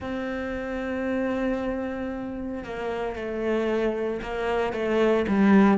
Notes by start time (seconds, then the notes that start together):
0.00 C4
2.64 A#3
3.15 A3
4.22 A#3
4.73 A3
5.27 G3